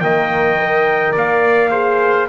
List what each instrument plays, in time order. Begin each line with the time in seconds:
0.00 double bass D#3, horn A#3, trumpet D#5 G5
0.59 horn A#4
1.12 double bass A#3, trumpet D5 F5
1.71 horn G#4, trumpet C5